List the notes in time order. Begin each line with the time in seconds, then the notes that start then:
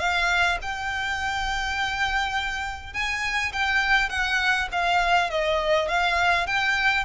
0.00 F5
0.62 G5
2.94 G#5
3.53 G5
4.10 F#5
4.72 F5
5.31 D#5
5.89 F5
6.47 G5